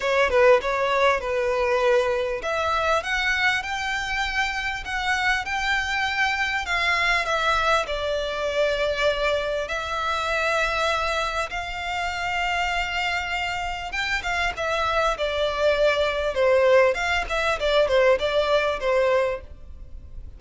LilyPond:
\new Staff \with { instrumentName = "violin" } { \time 4/4 \tempo 4 = 99 cis''8 b'8 cis''4 b'2 | e''4 fis''4 g''2 | fis''4 g''2 f''4 | e''4 d''2. |
e''2. f''4~ | f''2. g''8 f''8 | e''4 d''2 c''4 | f''8 e''8 d''8 c''8 d''4 c''4 | }